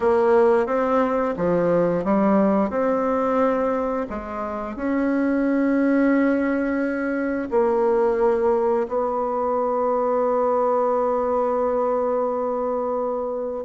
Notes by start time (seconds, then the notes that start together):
0.00 A#3
0.66 C4
1.36 F3
2.04 G3
2.70 C4
4.09 G#3
4.76 C#4
7.50 A#3
8.88 B3